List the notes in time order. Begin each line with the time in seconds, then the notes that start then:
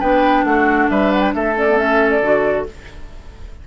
0.00 B3 D4 B4 G5
0.44 A3 F#4 F#5
0.90 G3 B4 E5
1.12 F#5
1.21 G5
1.35 A3 A4 E5
1.56 C#4 D5
1.70 B3
1.77 C#4 E5
2.11 D5
2.22 D3 F#4